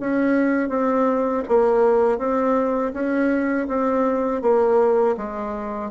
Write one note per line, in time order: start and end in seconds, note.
0.00 0.69 C#4
0.69 1.43 C4
1.48 2.18 A#3
2.18 2.92 C4
2.93 3.67 C#4
3.68 4.42 C4
4.42 5.16 A#3
5.17 5.91 G#3